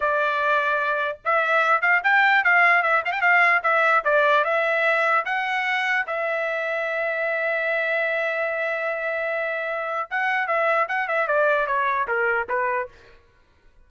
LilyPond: \new Staff \with { instrumentName = "trumpet" } { \time 4/4 \tempo 4 = 149 d''2. e''4~ | e''8 f''8 g''4 f''4 e''8 f''16 g''16 | f''4 e''4 d''4 e''4~ | e''4 fis''2 e''4~ |
e''1~ | e''1~ | e''4 fis''4 e''4 fis''8 e''8 | d''4 cis''4 ais'4 b'4 | }